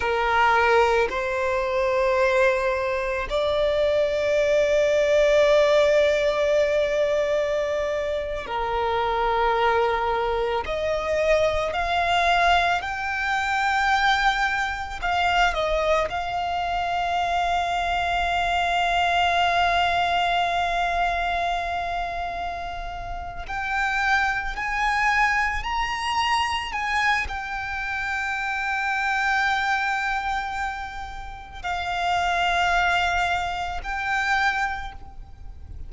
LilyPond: \new Staff \with { instrumentName = "violin" } { \time 4/4 \tempo 4 = 55 ais'4 c''2 d''4~ | d''2.~ d''8. ais'16~ | ais'4.~ ais'16 dis''4 f''4 g''16~ | g''4.~ g''16 f''8 dis''8 f''4~ f''16~ |
f''1~ | f''4. g''4 gis''4 ais''8~ | ais''8 gis''8 g''2.~ | g''4 f''2 g''4 | }